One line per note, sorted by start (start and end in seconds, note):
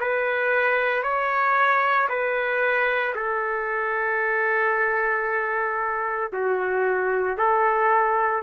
0.00 1.02 B4
1.02 2.08 C#5
2.09 3.14 B4
3.15 6.31 A4
6.33 7.38 F#4
7.38 8.42 A4